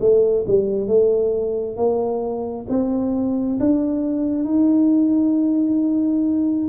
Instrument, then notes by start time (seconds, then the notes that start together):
tuba
0.00 A3
0.47 G3
0.88 A3
1.77 A#3
2.69 C4
3.60 D4
4.45 D#4